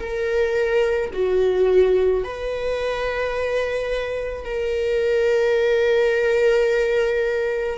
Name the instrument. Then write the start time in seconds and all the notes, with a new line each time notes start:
viola
0.00 A#4
1.13 F#4
2.24 B4
4.45 A#4